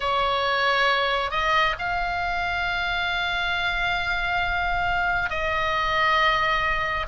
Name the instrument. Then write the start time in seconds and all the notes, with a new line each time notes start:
oboe
0.00 C#5
1.30 D#5
1.78 F5
5.29 D#5